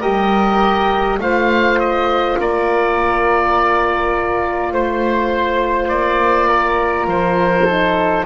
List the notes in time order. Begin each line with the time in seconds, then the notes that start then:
0.00 G3 G4 A#4 D#5
1.18 A3 F4 C5 F5
1.79 D#5
2.38 A#3 A#4 D5
4.72 A3 C5
5.88 A#3 D5
6.48 A#4
7.06 F3 C5
7.65 D#4 A4